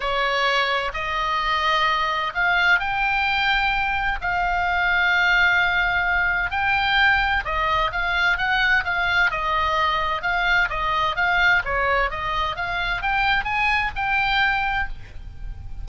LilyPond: \new Staff \with { instrumentName = "oboe" } { \time 4/4 \tempo 4 = 129 cis''2 dis''2~ | dis''4 f''4 g''2~ | g''4 f''2.~ | f''2 g''2 |
dis''4 f''4 fis''4 f''4 | dis''2 f''4 dis''4 | f''4 cis''4 dis''4 f''4 | g''4 gis''4 g''2 | }